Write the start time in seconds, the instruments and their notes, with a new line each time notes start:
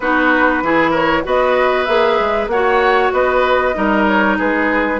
0.00 bassoon B3, clarinet D#4, oboe F#4, flute B4
0.62 bassoon E3, clarinet E4, oboe G#4
0.90 oboe A#4, flute C#5
1.23 bassoon B3, clarinet F#4, oboe B4, flute D#5
1.85 bassoon A#3, clarinet G#4, flute E5
2.20 bassoon G#3
2.47 bassoon A#3, oboe C#5, flute F#5
2.53 clarinet F#4
3.12 bassoon B3, oboe B4, flute D#5
3.74 bassoon G3, clarinet D#4, oboe A#4
4.07 flute C#5
4.38 bassoon G#3, oboe G#4, flute B4